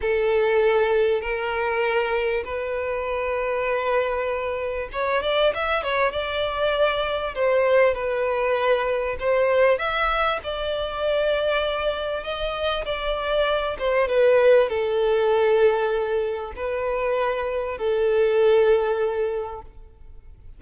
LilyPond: \new Staff \with { instrumentName = "violin" } { \time 4/4 \tempo 4 = 98 a'2 ais'2 | b'1 | cis''8 d''8 e''8 cis''8 d''2 | c''4 b'2 c''4 |
e''4 d''2. | dis''4 d''4. c''8 b'4 | a'2. b'4~ | b'4 a'2. | }